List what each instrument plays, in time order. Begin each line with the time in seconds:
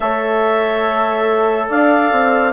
0.00 bassoon A3, trombone A4, horn C#5, clarinet E5
1.69 bassoon D4, horn D5, clarinet F5
2.12 bassoon C4